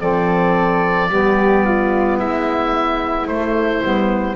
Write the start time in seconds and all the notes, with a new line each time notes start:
0.00 F3 C4 A4 D5
1.09 G3 B3 G4
1.65 F4
2.19 G#3 E4 E5
3.27 A3 C5
3.83 G3 B3